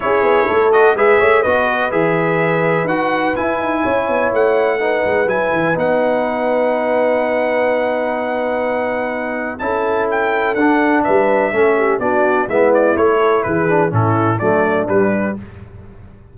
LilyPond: <<
  \new Staff \with { instrumentName = "trumpet" } { \time 4/4 \tempo 4 = 125 cis''4. dis''8 e''4 dis''4 | e''2 fis''4 gis''4~ | gis''4 fis''2 gis''4 | fis''1~ |
fis''1 | a''4 g''4 fis''4 e''4~ | e''4 d''4 e''8 d''8 cis''4 | b'4 a'4 d''4 b'4 | }
  \new Staff \with { instrumentName = "horn" } { \time 4/4 gis'4 a'4 b'8 cis''8 b'4~ | b'1 | cis''2 b'2~ | b'1~ |
b'1 | a'2. b'4 | a'8 g'8 fis'4 e'4. a'8 | gis'4 e'4 d'2 | }
  \new Staff \with { instrumentName = "trombone" } { \time 4/4 e'4. fis'8 gis'4 fis'4 | gis'2 fis'4 e'4~ | e'2 dis'4 e'4 | dis'1~ |
dis'1 | e'2 d'2 | cis'4 d'4 b4 e'4~ | e'8 d'8 cis'4 a4 g4 | }
  \new Staff \with { instrumentName = "tuba" } { \time 4/4 cis'8 b8 a4 gis8 a8 b4 | e2 dis'4 e'8 dis'8 | cis'8 b8 a4. gis8 fis8 e8 | b1~ |
b1 | cis'2 d'4 g4 | a4 b4 gis4 a4 | e4 a,4 fis4 g4 | }
>>